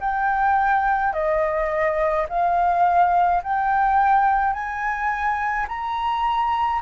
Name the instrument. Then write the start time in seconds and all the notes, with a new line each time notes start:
flute
0.00 G5
1.13 D#5
2.29 F5
3.43 G5
4.53 G#5
5.68 A#5